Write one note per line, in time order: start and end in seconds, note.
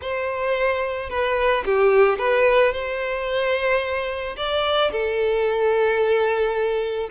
0.01 1.09 C5
1.09 1.64 B4
1.65 2.18 G4
2.18 2.72 B4
2.72 4.36 C5
4.36 4.91 D5
4.91 7.09 A4